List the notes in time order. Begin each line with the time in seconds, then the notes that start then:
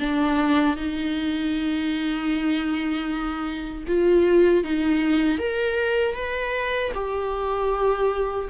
0.00 D4
0.77 D#4
3.87 F4
4.64 D#4
5.39 A#4
6.15 B4
6.94 G4